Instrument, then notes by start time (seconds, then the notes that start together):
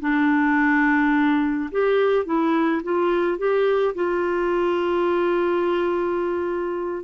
clarinet
0.00 D4
1.71 G4
2.25 E4
2.83 F4
3.38 G4
3.94 F4